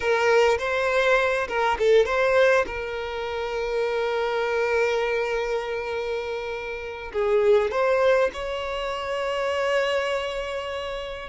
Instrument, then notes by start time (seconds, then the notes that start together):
violin
0.00 A#4
0.58 C5
1.47 A#4
1.78 A4
2.05 C5
2.66 A#4
7.12 G#4
7.71 C5
8.33 C#5